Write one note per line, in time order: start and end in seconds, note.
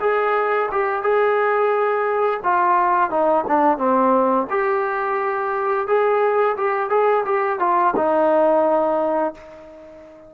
0.00 0.69 G#4
0.71 1.02 G4
1.02 2.40 G#4
2.43 3.10 F4
3.10 3.44 D#4
3.47 3.77 D4
3.77 4.46 C4
4.50 5.87 G4
5.87 6.56 G#4
6.56 6.89 G4
6.89 7.24 G#4
7.25 7.59 G4
7.59 7.94 F4
7.96 9.34 D#4